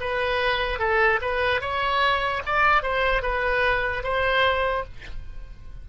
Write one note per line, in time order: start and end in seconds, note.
0.00 0.79 B4
0.79 1.19 A4
1.21 1.61 B4
1.61 2.42 C#5
2.45 2.82 D5
2.82 3.22 C5
3.22 4.03 B4
4.03 4.84 C5